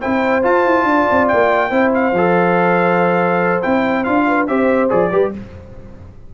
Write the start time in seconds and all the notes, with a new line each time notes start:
0.00 C4 E4 C5 G5
0.42 F4 A5
0.65 E4
0.84 D4 D5
1.10 C4
1.27 A#3 G5
1.70 C4 E4 C5
1.94 F5
2.12 F3 A4
3.62 C4 E4 G5
4.03 D4 F4 F5
4.27 B4
4.47 C4 G4 C5 E5
4.89 F3 G#4 D5
5.10 G3 G4 B4